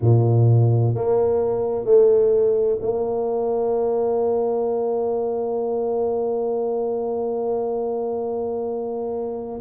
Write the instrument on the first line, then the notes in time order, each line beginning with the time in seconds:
tuba
0.01 A#2
0.94 A#3
1.85 A3
2.81 A#3